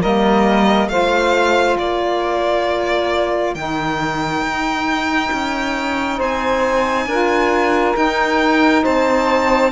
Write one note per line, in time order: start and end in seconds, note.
0.00 0.87 G3
0.00 0.90 A#3
0.00 0.88 A#4
0.00 0.88 D#5
0.87 1.75 A3
0.87 3.55 F4
0.87 1.79 C5
0.87 1.76 F5
1.78 3.54 A#3
1.78 6.17 A#4
1.78 3.54 D5
3.54 4.42 D#3
3.54 7.09 D#4
3.54 6.19 G5
4.42 5.30 D#4
5.32 6.19 C#4
6.17 7.06 C4
6.17 7.05 C5
6.17 7.96 G#5
7.06 7.94 D4
7.06 7.94 F4
7.06 8.83 A#4
7.94 9.70 D#4
7.94 8.84 D#4
7.94 8.84 G5
8.83 9.71 C4
8.83 9.71 C5
8.83 9.71 A5